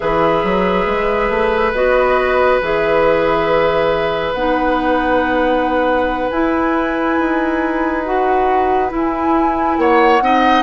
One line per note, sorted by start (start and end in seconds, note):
0.00 0.43 E3
0.00 1.73 G#4
0.00 9.79 B4
0.00 1.73 E5
0.43 0.86 F#3
0.86 1.29 G#3
1.29 1.73 A3
1.73 2.60 B3
1.73 2.61 F#4
1.73 2.60 D#5
2.61 4.33 E3
2.61 4.35 G#4
2.61 4.33 E5
4.33 6.29 B3
4.33 6.32 D#4
4.33 6.29 F#5
6.30 7.18 E4
6.30 8.05 E4
6.30 8.03 G#5
7.18 8.91 D#4
8.04 8.89 F#4
8.04 8.91 F#5
8.89 10.19 E4
8.89 9.77 E4
8.96 9.79 G#5
9.77 10.20 A#3
9.77 10.23 C#5
9.77 10.63 F#5
10.20 10.63 C4
10.20 10.63 D#4
10.20 10.63 D#5